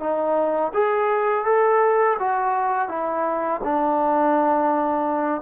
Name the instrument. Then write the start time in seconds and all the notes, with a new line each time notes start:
trombone
0.00 D#4
0.74 G#4
1.46 A4
2.19 F#4
2.89 E4
3.64 D4